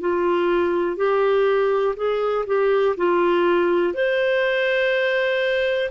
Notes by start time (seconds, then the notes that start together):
0.00 F4
0.96 G4
1.96 G#4
2.46 G4
2.97 F4
3.93 C5